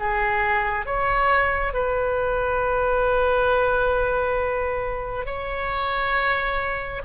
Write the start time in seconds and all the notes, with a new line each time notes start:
0.00 G#4
0.86 C#5
1.74 B4
5.26 C#5